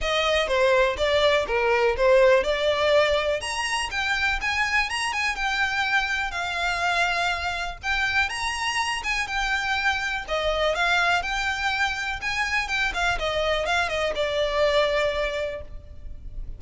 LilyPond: \new Staff \with { instrumentName = "violin" } { \time 4/4 \tempo 4 = 123 dis''4 c''4 d''4 ais'4 | c''4 d''2 ais''4 | g''4 gis''4 ais''8 gis''8 g''4~ | g''4 f''2. |
g''4 ais''4. gis''8 g''4~ | g''4 dis''4 f''4 g''4~ | g''4 gis''4 g''8 f''8 dis''4 | f''8 dis''8 d''2. | }